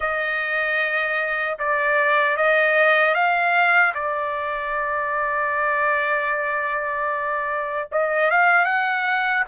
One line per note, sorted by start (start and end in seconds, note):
0.00 1.58 D#5
1.58 2.36 D5
2.36 3.14 D#5
3.14 3.93 F5
3.94 7.89 D5
7.91 8.30 D#5
8.30 8.65 F5
8.65 9.44 F#5